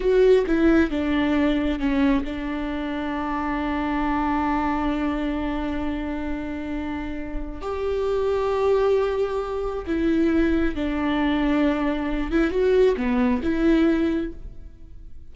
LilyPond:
\new Staff \with { instrumentName = "viola" } { \time 4/4 \tempo 4 = 134 fis'4 e'4 d'2 | cis'4 d'2.~ | d'1~ | d'1~ |
d'4 g'2.~ | g'2 e'2 | d'2.~ d'8 e'8 | fis'4 b4 e'2 | }